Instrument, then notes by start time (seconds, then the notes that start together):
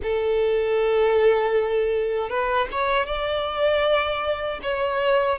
violin
0.02 A4
2.29 B4
2.71 C#5
3.06 D5
4.62 C#5